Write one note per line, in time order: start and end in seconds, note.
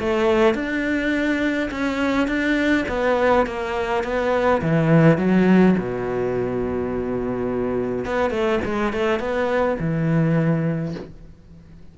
0.00 0.55 A3
0.55 1.70 D4
1.71 2.28 C#4
2.28 2.86 D4
2.89 3.46 B3
3.47 4.04 A#3
4.04 4.62 B3
4.62 5.18 E3
5.18 5.76 F#3
5.79 8.06 B2
8.06 8.31 B3
8.31 8.60 A3
8.65 8.93 G#3
8.93 9.20 A3
9.20 9.78 B3
9.80 10.95 E3